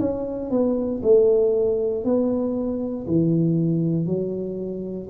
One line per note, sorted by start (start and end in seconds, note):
0.00 0.51 C#4
0.51 1.02 B3
1.03 2.04 A3
2.04 3.06 B3
3.07 4.06 E3
4.06 5.08 F#3